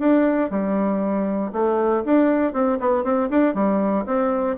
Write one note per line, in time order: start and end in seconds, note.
0.00 0.51 D4
0.51 1.53 G3
1.53 2.04 A3
2.06 2.54 D4
2.54 2.79 C4
2.80 3.04 B3
3.04 3.30 C4
3.31 3.55 D4
3.55 4.06 G3
4.06 4.57 C4